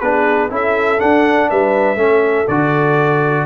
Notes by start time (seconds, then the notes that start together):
0.00 B3 D4 G#4 B4
0.50 C#4 E4 A4 E5
0.99 D4 F#5
1.49 G3 B4 E5
1.96 A3 C#4 A4
2.48 D3 F#4 D5